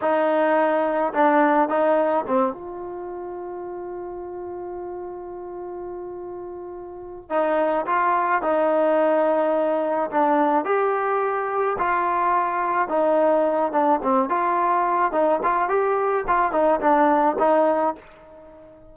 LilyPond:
\new Staff \with { instrumentName = "trombone" } { \time 4/4 \tempo 4 = 107 dis'2 d'4 dis'4 | c'8 f'2.~ f'8~ | f'1~ | f'4 dis'4 f'4 dis'4~ |
dis'2 d'4 g'4~ | g'4 f'2 dis'4~ | dis'8 d'8 c'8 f'4. dis'8 f'8 | g'4 f'8 dis'8 d'4 dis'4 | }